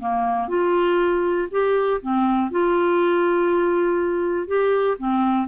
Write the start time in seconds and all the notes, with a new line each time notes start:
0.00 A#3
0.48 F4
1.51 G4
2.02 C4
2.51 F4
4.47 G4
4.99 C4